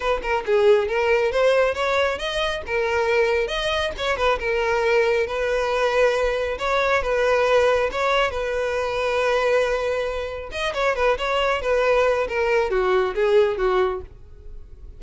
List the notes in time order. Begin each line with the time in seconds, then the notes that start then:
0.00 B4
0.22 A#4
0.46 G#4
0.88 A#4
1.31 C5
1.74 C#5
2.18 D#5
2.66 A#4
3.47 D#5
3.97 C#5
4.16 B4
4.39 A#4
5.26 B4
6.58 C#5
7.02 B4
7.91 C#5
8.31 B4
10.51 D#5
10.74 C#5
10.95 B4
11.18 C#5
11.61 B4
12.28 A#4
12.70 F#4
13.15 G#4
13.57 F#4